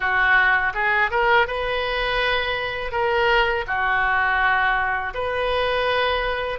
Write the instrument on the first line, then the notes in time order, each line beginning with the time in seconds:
oboe
0.00 F#4
0.74 G#4
1.10 A#4
1.47 B4
2.91 A#4
3.67 F#4
5.14 B4